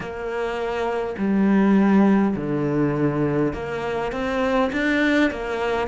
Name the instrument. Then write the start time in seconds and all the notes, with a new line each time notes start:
cello
0.00 A#3
1.18 G3
2.35 D3
3.53 A#3
4.12 C4
4.72 D4
5.30 A#3